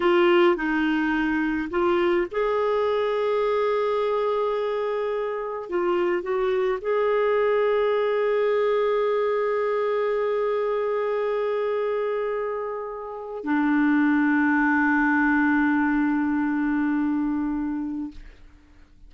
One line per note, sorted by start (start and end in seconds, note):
0.00 0.56 F4
0.56 1.69 D#4
1.70 2.27 F4
2.31 5.69 G#4
5.69 6.22 F4
6.22 6.78 F#4
6.81 13.44 G#4
13.44 18.11 D4